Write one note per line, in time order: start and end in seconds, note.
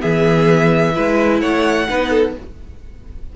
0.00 0.97 E3
0.00 0.93 B3
0.00 0.94 G#4
0.00 1.40 E5
0.95 1.42 G#3
0.95 1.88 E4
0.95 1.41 B4
1.40 1.89 A3
1.40 1.88 C#5
1.40 2.33 F#5
1.89 2.37 B3
1.89 2.36 D#4
1.89 2.10 B4
2.10 2.33 A4